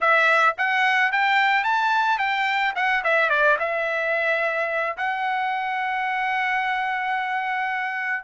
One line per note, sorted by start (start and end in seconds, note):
0.00 0.55 E5
0.57 1.12 F#5
1.12 1.64 G5
1.64 2.18 A5
2.18 2.73 G5
2.75 3.03 F#5
3.04 3.29 E5
3.29 3.57 D5
3.59 4.96 E5
4.97 8.23 F#5